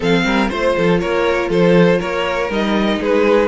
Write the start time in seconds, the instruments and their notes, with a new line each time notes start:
0.00 cello F3, viola C4, violin A4 F5
0.24 cello G3, violin A#4
0.48 cello A3, viola F4, violin C5
0.76 cello F3, violin A4
0.99 cello A#3, violin A#4 C#5
1.49 cello F3, violin A4 C5
1.99 cello A#3, violin A#4 C#5
2.49 cello G3, viola D#4, violin D#5
3.00 cello G#3, violin G#4 B4